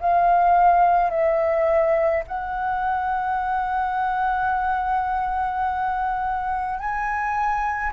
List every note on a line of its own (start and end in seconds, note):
0.00 1.10 F5
1.10 2.23 E5
2.27 6.79 F#5
6.79 7.92 G#5